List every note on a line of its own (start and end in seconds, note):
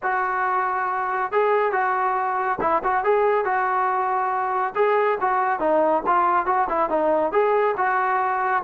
0.02 1.32 F#4
1.32 1.71 G#4
1.71 2.58 F#4
2.61 2.82 E4
2.83 3.04 F#4
3.04 3.44 G#4
3.44 4.74 F#4
4.75 5.18 G#4
5.20 5.59 F#4
5.59 6.02 D#4
6.06 6.46 F4
6.46 6.67 F#4
6.69 6.89 E4
6.89 7.31 D#4
7.31 7.75 G#4
7.77 8.63 F#4